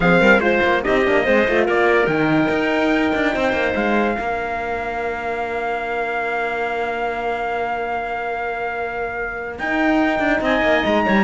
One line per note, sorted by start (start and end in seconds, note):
0.00 0.19 F3
0.00 0.40 C4
0.00 0.20 G#4
0.00 0.40 F5
0.21 0.38 G3
0.21 0.41 A#4
0.38 0.59 G#3
0.38 0.82 F4
0.38 0.81 C5
0.38 0.84 C5
0.63 0.84 A#3
0.83 1.07 C4
0.83 1.04 D#4
0.83 1.24 G4
0.83 1.66 D#5
1.05 1.27 A#3
1.05 1.25 D4
1.24 1.48 G#3
1.24 1.46 C4
1.24 1.65 C5
1.46 1.68 A3
1.46 2.09 F4
1.65 2.07 A#3
1.65 3.32 A#4
1.65 2.06 D5
2.06 2.48 D#3
2.06 4.17 D#4
2.06 3.73 G5
2.49 3.11 D#4
3.14 3.35 D4
3.34 3.52 C4
3.34 4.15 C5
3.52 3.73 A#3
3.74 4.17 G#3
3.74 9.57 F5
4.15 9.58 A#3
4.15 9.59 D4
4.15 10.40 A#4
9.58 10.19 D#4
9.58 11.23 D#4
9.58 10.42 G5
10.19 10.40 D4
10.41 10.61 C4
10.41 11.04 D#5
10.41 10.85 G#5
10.62 10.83 A#3
10.85 11.06 G#3
10.85 11.23 A#5
11.05 11.23 G3
11.05 11.23 C#5